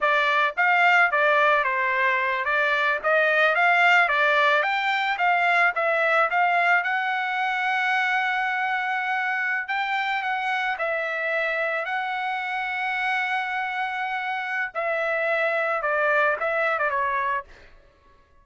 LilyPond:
\new Staff \with { instrumentName = "trumpet" } { \time 4/4 \tempo 4 = 110 d''4 f''4 d''4 c''4~ | c''8 d''4 dis''4 f''4 d''8~ | d''8 g''4 f''4 e''4 f''8~ | f''8 fis''2.~ fis''8~ |
fis''4.~ fis''16 g''4 fis''4 e''16~ | e''4.~ e''16 fis''2~ fis''16~ | fis''2. e''4~ | e''4 d''4 e''8. d''16 cis''4 | }